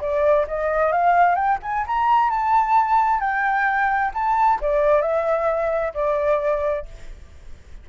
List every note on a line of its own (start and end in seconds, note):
0.00 0.46 D5
0.47 0.92 D#5
0.92 1.35 F5
1.35 1.58 G5
1.62 1.85 G#5
1.86 2.30 A#5
2.30 3.20 A5
3.20 4.11 G5
4.13 4.59 A5
4.61 5.01 D5
5.01 5.93 E5
5.94 6.85 D5